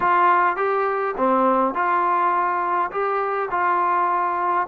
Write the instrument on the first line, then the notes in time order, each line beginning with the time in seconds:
trombone
0.00 F4
0.56 G4
1.17 C4
1.74 F4
2.91 G4
3.50 F4